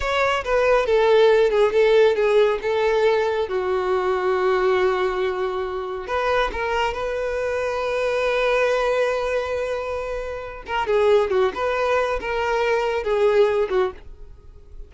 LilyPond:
\new Staff \with { instrumentName = "violin" } { \time 4/4 \tempo 4 = 138 cis''4 b'4 a'4. gis'8 | a'4 gis'4 a'2 | fis'1~ | fis'2 b'4 ais'4 |
b'1~ | b'1~ | b'8 ais'8 gis'4 fis'8 b'4. | ais'2 gis'4. fis'8 | }